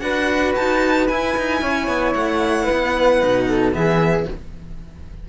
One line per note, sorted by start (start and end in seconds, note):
0.00 0.55 D4
0.00 1.08 F#4
0.00 1.62 B4
0.00 0.53 F#5
0.56 1.10 D#4
0.56 1.08 A5
1.08 1.37 E4
1.08 3.21 E4
1.08 2.14 G#5
1.37 1.62 D#4
1.62 1.88 C#4
1.62 2.64 C#5
1.88 2.15 B3
2.14 2.68 A3
2.14 3.73 F#5
2.64 3.44 B4
2.71 3.23 B3
3.21 3.75 B2
3.21 3.73 D#4
3.49 3.75 A4
3.73 4.28 E3
3.73 4.26 B3
3.73 4.29 G#4
3.73 4.28 E5